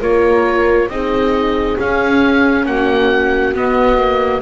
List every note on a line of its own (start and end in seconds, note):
0.00 0.89 A#3
0.00 0.90 F4
0.00 0.88 A#4
0.00 0.90 C#5
0.89 1.77 C4
0.89 1.79 D#4
0.89 2.69 G#4
0.89 1.78 D#5
1.79 3.55 C#4
1.79 2.66 C#4
1.79 2.67 F5
2.66 3.54 A#3
2.66 4.42 F#4
2.66 3.55 F#5
3.54 4.42 B3
3.54 3.98 B3
3.54 4.42 D#5
3.98 4.42 A#3